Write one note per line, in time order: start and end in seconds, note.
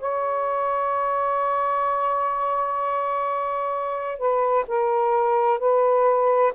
0.00 4.18 C#5
4.18 4.65 B4
4.68 5.60 A#4
5.60 6.53 B4